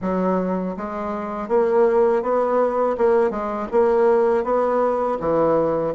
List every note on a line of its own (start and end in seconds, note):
0.01 0.75 F#3
0.76 1.48 G#3
1.48 2.22 A#3
2.22 2.96 B3
2.97 3.30 A#3
3.30 3.67 G#3
3.71 4.44 A#3
4.44 5.18 B3
5.20 5.94 E3